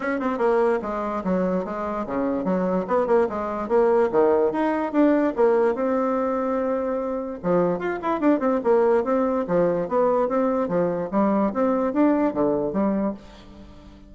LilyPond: \new Staff \with { instrumentName = "bassoon" } { \time 4/4 \tempo 4 = 146 cis'8 c'8 ais4 gis4 fis4 | gis4 cis4 fis4 b8 ais8 | gis4 ais4 dis4 dis'4 | d'4 ais4 c'2~ |
c'2 f4 f'8 e'8 | d'8 c'8 ais4 c'4 f4 | b4 c'4 f4 g4 | c'4 d'4 d4 g4 | }